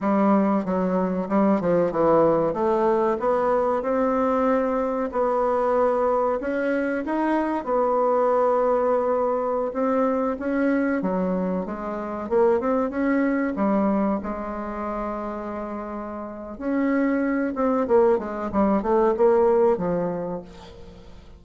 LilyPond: \new Staff \with { instrumentName = "bassoon" } { \time 4/4 \tempo 4 = 94 g4 fis4 g8 f8 e4 | a4 b4 c'2 | b2 cis'4 dis'4 | b2.~ b16 c'8.~ |
c'16 cis'4 fis4 gis4 ais8 c'16~ | c'16 cis'4 g4 gis4.~ gis16~ | gis2 cis'4. c'8 | ais8 gis8 g8 a8 ais4 f4 | }